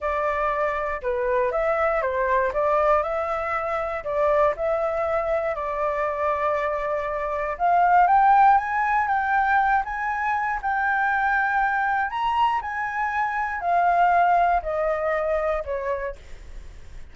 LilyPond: \new Staff \with { instrumentName = "flute" } { \time 4/4 \tempo 4 = 119 d''2 b'4 e''4 | c''4 d''4 e''2 | d''4 e''2 d''4~ | d''2. f''4 |
g''4 gis''4 g''4. gis''8~ | gis''4 g''2. | ais''4 gis''2 f''4~ | f''4 dis''2 cis''4 | }